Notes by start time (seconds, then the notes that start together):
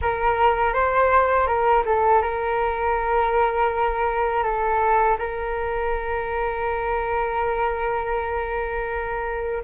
0.01 A#4
0.73 C5
1.46 A#4
1.85 A4
2.22 A#4
4.43 A4
5.18 A#4